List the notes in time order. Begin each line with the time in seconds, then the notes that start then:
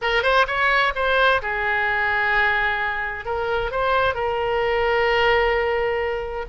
0.01 A#4
0.22 C5
0.47 C#5
0.95 C5
1.42 G#4
3.25 A#4
3.71 C5
4.14 A#4